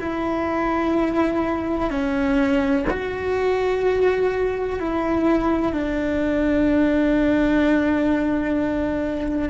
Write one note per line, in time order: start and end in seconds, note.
0.00 1.90 E4
1.90 2.85 C#4
2.90 4.80 F#4
4.80 5.72 E4
5.72 9.49 D4